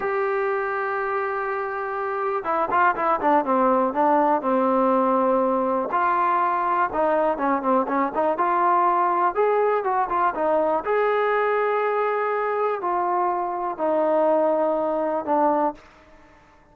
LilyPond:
\new Staff \with { instrumentName = "trombone" } { \time 4/4 \tempo 4 = 122 g'1~ | g'4 e'8 f'8 e'8 d'8 c'4 | d'4 c'2. | f'2 dis'4 cis'8 c'8 |
cis'8 dis'8 f'2 gis'4 | fis'8 f'8 dis'4 gis'2~ | gis'2 f'2 | dis'2. d'4 | }